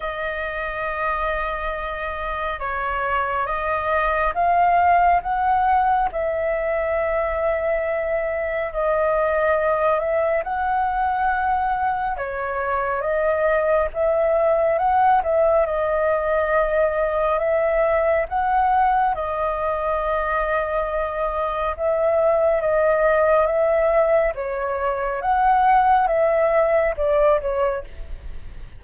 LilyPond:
\new Staff \with { instrumentName = "flute" } { \time 4/4 \tempo 4 = 69 dis''2. cis''4 | dis''4 f''4 fis''4 e''4~ | e''2 dis''4. e''8 | fis''2 cis''4 dis''4 |
e''4 fis''8 e''8 dis''2 | e''4 fis''4 dis''2~ | dis''4 e''4 dis''4 e''4 | cis''4 fis''4 e''4 d''8 cis''8 | }